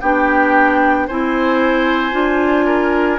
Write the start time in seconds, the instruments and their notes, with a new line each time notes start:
0.00 bassoon B3, clarinet D4, oboe G4, flute G5
1.07 bassoon C4, clarinet E4, oboe C5, flute G#5
2.11 bassoon D4, clarinet F4
2.66 oboe A#4